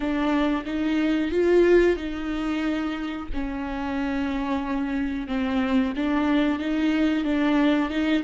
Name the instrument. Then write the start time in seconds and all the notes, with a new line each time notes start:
viola
0.00 D4
0.65 D#4
1.31 F4
1.96 D#4
3.33 C#4
5.27 C4
5.96 D4
6.59 D#4
7.24 D4
7.90 D#4